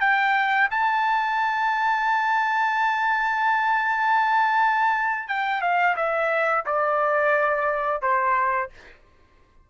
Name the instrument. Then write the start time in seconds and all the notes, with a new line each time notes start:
trumpet
0.00 G5
0.70 A5
5.28 G5
5.61 F5
5.96 E5
6.66 D5
8.01 C5